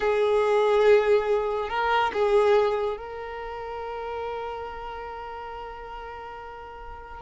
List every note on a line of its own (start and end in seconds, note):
0.00 1.69 G#4
1.69 2.11 A#4
2.13 2.97 G#4
2.97 7.21 A#4